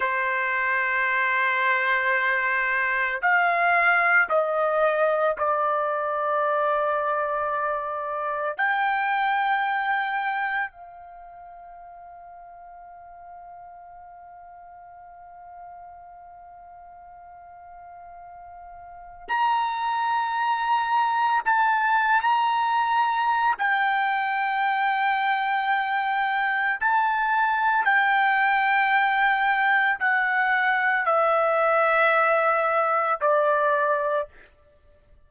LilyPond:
\new Staff \with { instrumentName = "trumpet" } { \time 4/4 \tempo 4 = 56 c''2. f''4 | dis''4 d''2. | g''2 f''2~ | f''1~ |
f''2 ais''2 | a''8. ais''4~ ais''16 g''2~ | g''4 a''4 g''2 | fis''4 e''2 d''4 | }